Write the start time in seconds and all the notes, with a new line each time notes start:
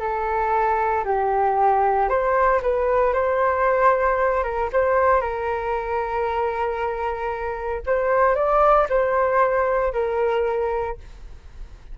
0.00 A4
1.05 G4
2.09 C5
2.63 B4
3.14 C5
4.44 A#4
4.73 C5
5.21 A#4
7.86 C5
8.35 D5
8.90 C5
9.93 A#4